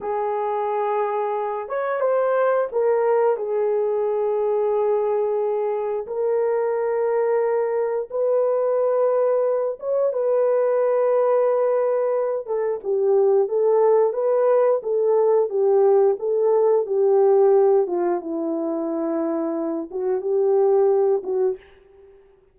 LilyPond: \new Staff \with { instrumentName = "horn" } { \time 4/4 \tempo 4 = 89 gis'2~ gis'8 cis''8 c''4 | ais'4 gis'2.~ | gis'4 ais'2. | b'2~ b'8 cis''8 b'4~ |
b'2~ b'8 a'8 g'4 | a'4 b'4 a'4 g'4 | a'4 g'4. f'8 e'4~ | e'4. fis'8 g'4. fis'8 | }